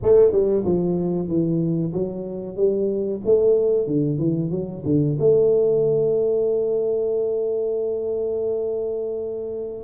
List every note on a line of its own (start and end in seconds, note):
0.02 0.31 A3
0.31 0.64 G3
0.65 1.27 F3
1.27 1.92 E3
1.93 2.56 F#3
2.56 3.21 G3
3.25 3.87 A3
3.87 4.18 D3
4.18 4.50 E3
4.50 4.83 F#3
4.85 5.17 D3
5.19 9.83 A3